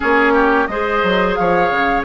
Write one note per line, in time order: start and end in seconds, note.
0.00 0.68 A#3
0.00 0.67 C#4
0.00 0.33 G#4
0.00 0.66 C#5
0.33 0.67 G4
0.66 1.02 G#3
0.66 2.04 G#4
0.66 1.38 C5
0.66 1.35 D#5
1.03 1.37 F#3
1.35 1.70 F3
1.35 2.04 C#5
1.35 2.03 F5
1.70 2.04 C#3